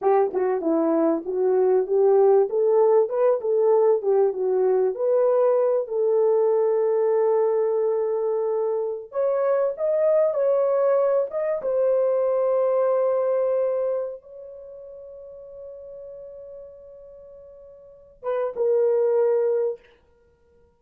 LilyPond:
\new Staff \with { instrumentName = "horn" } { \time 4/4 \tempo 4 = 97 g'8 fis'8 e'4 fis'4 g'4 | a'4 b'8 a'4 g'8 fis'4 | b'4. a'2~ a'8~ | a'2~ a'8. cis''4 dis''16~ |
dis''8. cis''4. dis''8 c''4~ c''16~ | c''2. cis''4~ | cis''1~ | cis''4. b'8 ais'2 | }